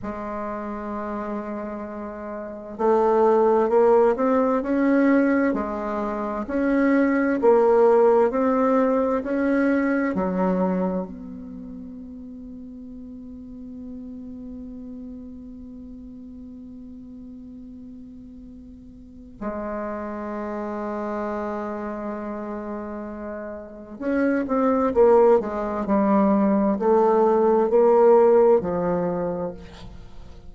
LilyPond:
\new Staff \with { instrumentName = "bassoon" } { \time 4/4 \tempo 4 = 65 gis2. a4 | ais8 c'8 cis'4 gis4 cis'4 | ais4 c'4 cis'4 fis4 | b1~ |
b1~ | b4 gis2.~ | gis2 cis'8 c'8 ais8 gis8 | g4 a4 ais4 f4 | }